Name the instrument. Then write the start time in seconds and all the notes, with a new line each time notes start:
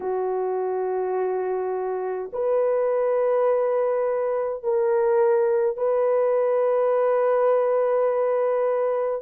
horn
0.00 F#4
2.32 B4
4.63 A#4
5.76 B4